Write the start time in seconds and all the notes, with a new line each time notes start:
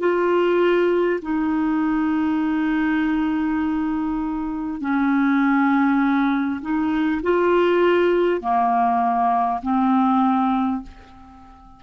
0.00 F4
1.22 D#4
4.81 C#4
6.62 D#4
7.23 F4
8.41 A#3
9.63 C4